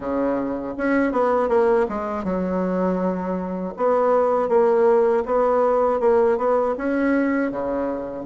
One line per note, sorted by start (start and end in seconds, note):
0.00 0.73 C#3
0.77 1.12 C#4
1.12 1.49 B3
1.49 1.86 A#3
1.89 2.23 G#3
2.23 3.73 F#3
3.76 4.48 B3
4.48 5.23 A#3
5.25 6.00 B3
6.00 6.37 A#3
6.37 6.75 B3
6.77 7.51 C#4
7.51 8.25 C#3